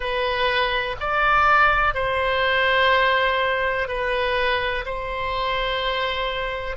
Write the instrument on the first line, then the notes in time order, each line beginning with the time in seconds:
oboe
0.00 B4
1.00 D5
1.94 C5
3.88 B4
4.85 C5